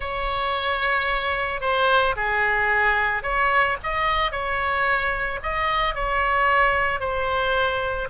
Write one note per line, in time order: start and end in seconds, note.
0.00 1.61 C#5
1.61 2.15 C5
2.15 3.23 G#4
3.23 3.77 C#5
3.83 4.31 D#5
4.31 5.39 C#5
5.43 5.94 D#5
5.94 7.00 C#5
7.00 8.08 C5